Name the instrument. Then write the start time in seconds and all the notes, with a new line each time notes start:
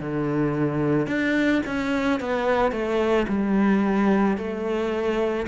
cello
0.00 D3
1.07 D4
1.66 C#4
2.20 B3
2.71 A3
3.28 G3
4.37 A3